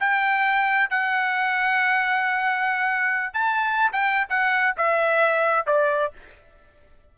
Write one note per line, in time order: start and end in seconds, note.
0.00 0.90 G5
0.90 3.34 F#5
3.34 3.92 A5
3.92 4.27 G5
4.29 4.76 F#5
4.77 5.66 E5
5.66 6.13 D5